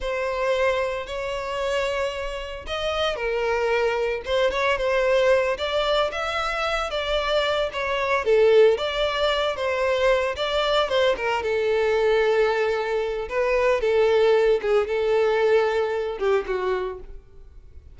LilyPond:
\new Staff \with { instrumentName = "violin" } { \time 4/4 \tempo 4 = 113 c''2 cis''2~ | cis''4 dis''4 ais'2 | c''8 cis''8 c''4. d''4 e''8~ | e''4 d''4. cis''4 a'8~ |
a'8 d''4. c''4. d''8~ | d''8 c''8 ais'8 a'2~ a'8~ | a'4 b'4 a'4. gis'8 | a'2~ a'8 g'8 fis'4 | }